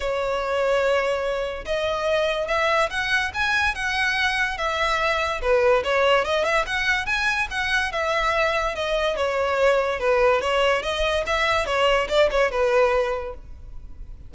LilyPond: \new Staff \with { instrumentName = "violin" } { \time 4/4 \tempo 4 = 144 cis''1 | dis''2 e''4 fis''4 | gis''4 fis''2 e''4~ | e''4 b'4 cis''4 dis''8 e''8 |
fis''4 gis''4 fis''4 e''4~ | e''4 dis''4 cis''2 | b'4 cis''4 dis''4 e''4 | cis''4 d''8 cis''8 b'2 | }